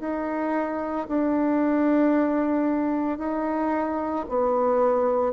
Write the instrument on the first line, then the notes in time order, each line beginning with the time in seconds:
bassoon
0.00 D#4
1.09 D4
3.18 D#4
4.29 B3